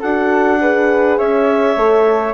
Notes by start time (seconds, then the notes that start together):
0.00 D4 F#4 A4 F#5
0.61 G#4 B4
1.18 C#4 C#5 E5
1.76 A3 A4